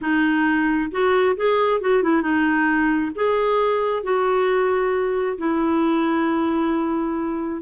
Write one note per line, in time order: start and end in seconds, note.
0.01 0.90 D#4
0.91 1.36 F#4
1.36 1.81 G#4
1.81 2.03 F#4
2.03 2.22 E4
2.22 3.11 D#4
3.15 4.03 G#4
4.03 5.37 F#4
5.38 7.61 E4